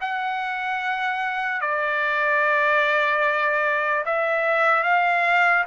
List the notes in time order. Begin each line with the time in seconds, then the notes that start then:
0.00 F#5
1.61 D5
4.05 E5
4.83 F5